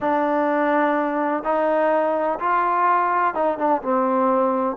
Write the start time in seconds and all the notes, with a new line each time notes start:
0.00 D4
1.43 D#4
2.39 F4
3.34 D#4
3.58 D4
3.82 C4